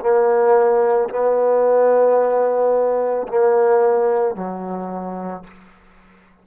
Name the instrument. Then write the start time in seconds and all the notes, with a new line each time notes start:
trombone
0.00 A#3
1.09 B3
3.28 A#3
4.35 F#3